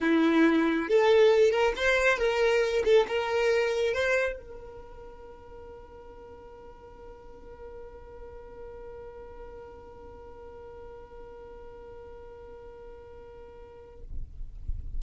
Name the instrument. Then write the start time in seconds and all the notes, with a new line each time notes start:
violin
0.00 E4
0.88 A4
1.51 A#4
1.76 C5
2.17 A#4
2.85 A4
3.08 A#4
3.93 C5
4.37 A#4